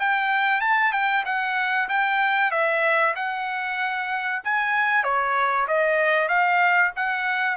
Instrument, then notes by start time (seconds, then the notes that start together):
trumpet
0.00 G5
0.61 A5
0.92 G5
1.25 F#5
1.89 G5
2.51 E5
3.16 F#5
4.44 G#5
5.04 C#5
5.68 D#5
6.29 F5
6.96 F#5